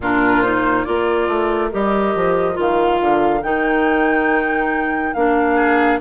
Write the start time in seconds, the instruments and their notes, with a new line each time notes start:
0.00 bassoon A#2, clarinet D4, oboe F4, flute A#4
0.41 clarinet D#4, flute C5
0.83 bassoon A#3, clarinet F4, oboe A#4, flute D5
1.27 bassoon A3
1.72 bassoon G3, clarinet G4, flute D#5
2.15 bassoon F3
2.54 bassoon D#3, clarinet F4
2.60 flute F5
3.01 bassoon D3
3.42 bassoon D#3, clarinet D#4, flute G5
5.13 bassoon A#3, clarinet D4, flute F5
5.55 oboe G#4